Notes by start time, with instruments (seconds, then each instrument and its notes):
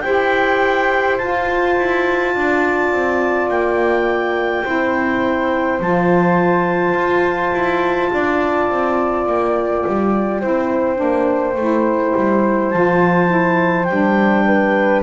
0.00 double bass E4, saxophone G4, flute C5, clarinet G5
1.17 double bass F4, saxophone F4, clarinet A5
1.77 double bass E4
2.33 double bass D4, flute D5
2.92 double bass C4
3.48 double bass A#3, clarinet G5
4.63 double bass C4, saxophone E4, flute C5
5.79 double bass F3, saxophone F4, clarinet A5
6.94 double bass F4
7.53 double bass E4
8.12 double bass D4, flute D5
8.69 double bass C4
9.24 double bass A#3, clarinet G5
9.87 double bass G3
10.40 double bass C4, saxophone E4, flute C5
10.95 double bass A#3, saxophone D4
11.55 double bass A3, saxophone E4
12.16 double bass G3
12.70 double bass F3, saxophone F4, clarinet A5
13.26 saxophone E4
13.84 double bass G3, saxophone D4, clarinet G5
14.45 flute B4